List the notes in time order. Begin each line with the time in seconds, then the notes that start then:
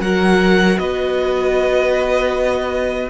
0.00 F#3 F#4 A#4 F#5
0.78 B3 B4 D#5